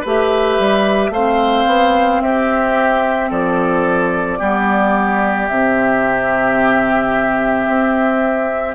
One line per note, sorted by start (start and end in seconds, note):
0.00 0.59 A3
0.00 1.14 G4
0.00 1.09 B4
0.07 1.13 E5
0.59 1.10 G3
1.10 1.64 A3
1.10 4.39 C4
1.10 2.22 C5
1.10 2.21 F5
1.66 2.21 B3
2.21 3.30 C4
2.21 3.29 G4
2.21 3.30 E5
3.29 4.39 F3
3.29 4.38 A4
3.29 5.47 D5
4.38 5.49 G3
4.38 5.48 B3
4.38 8.74 G4
5.47 7.67 C3
5.47 8.74 C4
5.47 8.74 E5
7.67 8.74 C4